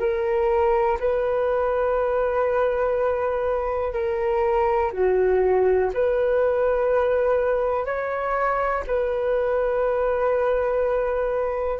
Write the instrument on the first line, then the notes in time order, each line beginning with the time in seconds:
flute
0.00 A#4
1.00 B4
3.93 A#4
4.93 F#4
5.94 B4
7.86 C#5
8.87 B4